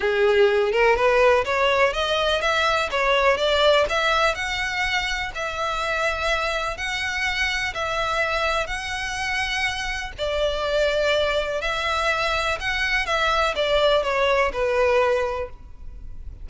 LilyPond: \new Staff \with { instrumentName = "violin" } { \time 4/4 \tempo 4 = 124 gis'4. ais'8 b'4 cis''4 | dis''4 e''4 cis''4 d''4 | e''4 fis''2 e''4~ | e''2 fis''2 |
e''2 fis''2~ | fis''4 d''2. | e''2 fis''4 e''4 | d''4 cis''4 b'2 | }